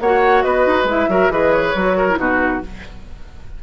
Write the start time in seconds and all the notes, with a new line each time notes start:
0.00 A#3 F#4 C#5 F#5
0.42 B3 B4 D#5
0.67 D#4
0.84 G#3 E4 E5
1.09 F#3 F#4 A#4
1.29 E3 G#4 B4 D#5
1.53 C#5
1.75 F#3 F#4
1.97 A#4
2.10 E4
2.18 B2 D#4 F#4 B4